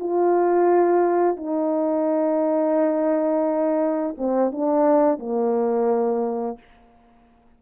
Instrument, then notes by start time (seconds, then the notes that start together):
horn
0.00 F4
1.37 D#4
4.18 C4
4.52 D4
5.19 A#3